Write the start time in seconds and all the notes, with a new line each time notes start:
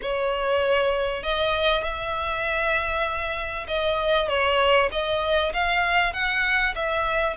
0.02 C#5
1.23 D#5
1.83 E5
3.67 D#5
4.28 C#5
4.91 D#5
5.53 F5
6.13 F#5
6.75 E5